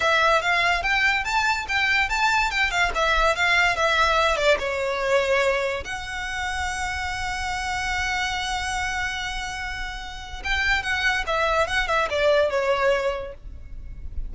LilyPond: \new Staff \with { instrumentName = "violin" } { \time 4/4 \tempo 4 = 144 e''4 f''4 g''4 a''4 | g''4 a''4 g''8 f''8 e''4 | f''4 e''4. d''8 cis''4~ | cis''2 fis''2~ |
fis''1~ | fis''1~ | fis''4 g''4 fis''4 e''4 | fis''8 e''8 d''4 cis''2 | }